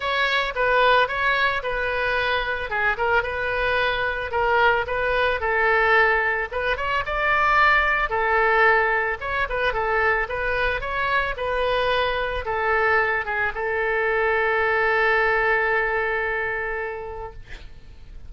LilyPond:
\new Staff \with { instrumentName = "oboe" } { \time 4/4 \tempo 4 = 111 cis''4 b'4 cis''4 b'4~ | b'4 gis'8 ais'8 b'2 | ais'4 b'4 a'2 | b'8 cis''8 d''2 a'4~ |
a'4 cis''8 b'8 a'4 b'4 | cis''4 b'2 a'4~ | a'8 gis'8 a'2.~ | a'1 | }